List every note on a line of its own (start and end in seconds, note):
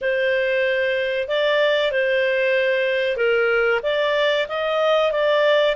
0.01 1.28 C5
1.28 1.91 D5
1.91 3.16 C5
3.16 3.80 A#4
3.82 4.46 D5
4.48 5.11 D#5
5.11 5.75 D5